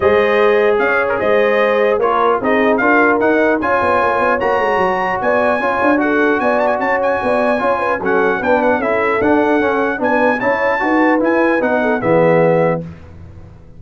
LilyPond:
<<
  \new Staff \with { instrumentName = "trumpet" } { \time 4/4 \tempo 4 = 150 dis''2 f''8. ais'16 dis''4~ | dis''4 cis''4 dis''4 f''4 | fis''4 gis''2 ais''4~ | ais''4 gis''2 fis''4 |
gis''8 a''16 gis''16 a''8 gis''2~ gis''8 | fis''4 g''8 fis''8 e''4 fis''4~ | fis''4 gis''4 a''2 | gis''4 fis''4 e''2 | }
  \new Staff \with { instrumentName = "horn" } { \time 4/4 c''2 cis''4 c''4~ | c''4 ais'4 gis'4 ais'4~ | ais'4 cis''2.~ | cis''4 d''4 cis''4 a'4 |
d''4 cis''4 d''4 cis''8 b'8 | a'4 b'4 a'2~ | a'4 b'4 cis''4 b'4~ | b'4. a'8 gis'2 | }
  \new Staff \with { instrumentName = "trombone" } { \time 4/4 gis'1~ | gis'4 f'4 dis'4 f'4 | dis'4 f'2 fis'4~ | fis'2 f'4 fis'4~ |
fis'2. f'4 | cis'4 d'4 e'4 d'4 | cis'4 d'4 e'4 fis'4 | e'4 dis'4 b2 | }
  \new Staff \with { instrumentName = "tuba" } { \time 4/4 gis2 cis'4 gis4~ | gis4 ais4 c'4 d'4 | dis'4 cis'8 b8 ais8 b8 ais8 gis8 | fis4 b4 cis'8 d'4. |
b4 cis'4 b4 cis'4 | fis4 b4 cis'4 d'4 | cis'4 b4 cis'4 dis'4 | e'4 b4 e2 | }
>>